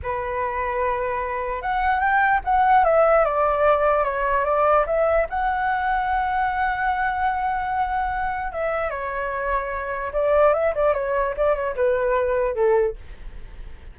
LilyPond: \new Staff \with { instrumentName = "flute" } { \time 4/4 \tempo 4 = 148 b'1 | fis''4 g''4 fis''4 e''4 | d''2 cis''4 d''4 | e''4 fis''2.~ |
fis''1~ | fis''4 e''4 cis''2~ | cis''4 d''4 e''8 d''8 cis''4 | d''8 cis''8 b'2 a'4 | }